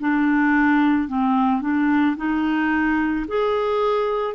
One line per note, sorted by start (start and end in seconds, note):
0.00 1.08 D4
1.08 1.62 C4
1.62 2.16 D4
2.17 3.26 D#4
3.28 4.34 G#4